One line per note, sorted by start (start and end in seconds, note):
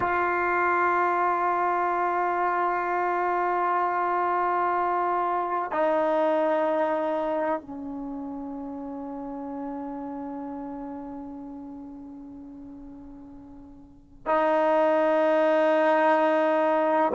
0.00 5.71 F4
5.71 7.61 D#4
7.61 14.26 C#4
14.26 17.12 D#4